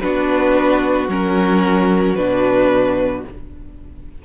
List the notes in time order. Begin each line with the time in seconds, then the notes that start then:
0.00 B3 D4 F#4 B4
1.08 F#3 C#4 A#4
2.15 B2 D4 B4